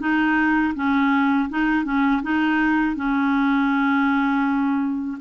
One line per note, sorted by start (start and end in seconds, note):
0.00 0.74 D#4
0.75 1.49 C#4
1.49 1.85 D#4
1.85 2.22 C#4
2.23 2.96 D#4
2.96 5.18 C#4